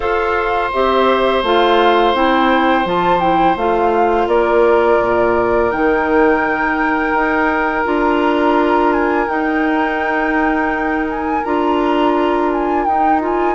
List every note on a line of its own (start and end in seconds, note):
0.00 0.71 F4
0.00 0.70 A4
0.00 4.27 C5
0.00 0.71 F5
0.72 1.42 C4
0.72 1.44 G4
0.72 1.44 E5
1.42 2.14 A3
1.42 2.14 F4
1.42 2.15 F5
2.14 2.85 C4
2.14 2.85 E4
2.14 2.86 G5
2.85 3.56 F3
2.85 3.20 F4
2.85 3.20 A5
3.20 3.56 E4
3.20 3.56 G5
3.56 4.26 A3
3.56 5.71 F4
3.56 4.28 F5
4.26 4.98 A#3
4.26 13.54 A#4
4.26 5.70 D5
5.01 5.72 A#2
5.70 7.13 D#3
5.70 7.85 D#4
5.70 7.85 G5
7.13 7.84 D#4
7.85 9.27 D4
7.85 9.27 F4
7.85 8.92 A#5
8.93 9.28 G#5
9.27 11.42 D#4
9.27 11.06 G5
11.09 11.43 G#5
11.43 12.86 D4
11.43 12.87 F4
11.43 12.51 A#5
12.52 12.84 G#5
12.84 13.54 D#4
12.84 13.21 D#4
12.84 13.20 G5
13.21 13.54 F4
13.21 13.54 G#5